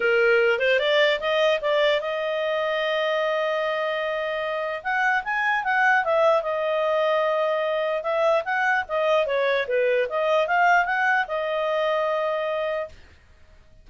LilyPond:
\new Staff \with { instrumentName = "clarinet" } { \time 4/4 \tempo 4 = 149 ais'4. c''8 d''4 dis''4 | d''4 dis''2.~ | dis''1 | fis''4 gis''4 fis''4 e''4 |
dis''1 | e''4 fis''4 dis''4 cis''4 | b'4 dis''4 f''4 fis''4 | dis''1 | }